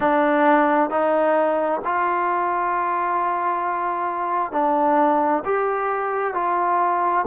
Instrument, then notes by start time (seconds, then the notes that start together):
trombone
0.00 D4
0.90 D#4
1.84 F4
4.52 D4
5.45 G4
6.34 F4